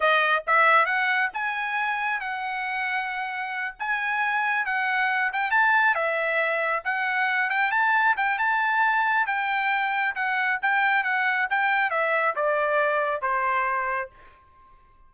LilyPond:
\new Staff \with { instrumentName = "trumpet" } { \time 4/4 \tempo 4 = 136 dis''4 e''4 fis''4 gis''4~ | gis''4 fis''2.~ | fis''8 gis''2 fis''4. | g''8 a''4 e''2 fis''8~ |
fis''4 g''8 a''4 g''8 a''4~ | a''4 g''2 fis''4 | g''4 fis''4 g''4 e''4 | d''2 c''2 | }